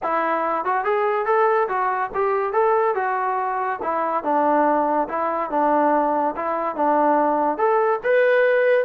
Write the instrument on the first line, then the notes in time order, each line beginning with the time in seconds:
trombone
0.02 E4
0.64 F#4
0.84 G#4
1.25 A4
1.68 F#4
2.14 G4
2.52 A4
2.95 F#4
3.82 E4
4.23 D4
5.08 E4
5.50 D4
6.36 E4
6.75 D4
7.57 A4
8.03 B4